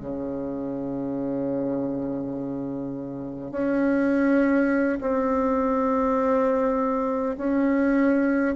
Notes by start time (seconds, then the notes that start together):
0.00 C#3
3.51 C#4
5.01 C4
7.37 C#4